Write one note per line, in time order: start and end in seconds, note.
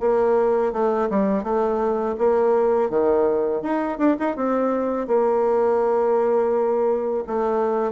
0.00 0.72 A#3
0.72 1.08 A3
1.09 1.43 G3
1.43 2.16 A3
2.18 2.89 A#3
2.89 3.62 D#3
3.62 3.98 D#4
3.98 4.16 D4
4.19 4.36 D#4
4.36 5.07 C4
5.07 7.24 A#3
7.27 7.92 A3